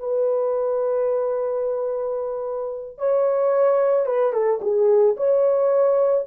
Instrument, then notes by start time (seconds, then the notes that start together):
horn
0.00 B4
2.98 C#5
4.07 B4
4.33 A4
4.62 G#4
5.17 C#5